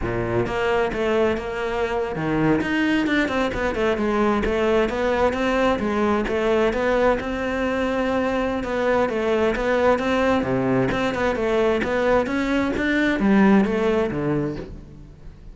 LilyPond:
\new Staff \with { instrumentName = "cello" } { \time 4/4 \tempo 4 = 132 ais,4 ais4 a4 ais4~ | ais8. dis4 dis'4 d'8 c'8 b16~ | b16 a8 gis4 a4 b4 c'16~ | c'8. gis4 a4 b4 c'16~ |
c'2. b4 | a4 b4 c'4 c4 | c'8 b8 a4 b4 cis'4 | d'4 g4 a4 d4 | }